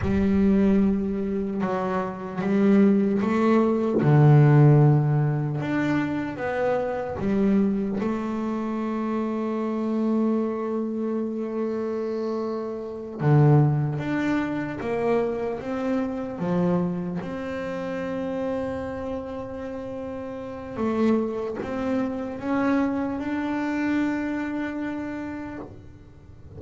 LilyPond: \new Staff \with { instrumentName = "double bass" } { \time 4/4 \tempo 4 = 75 g2 fis4 g4 | a4 d2 d'4 | b4 g4 a2~ | a1~ |
a8 d4 d'4 ais4 c'8~ | c'8 f4 c'2~ c'8~ | c'2 a4 c'4 | cis'4 d'2. | }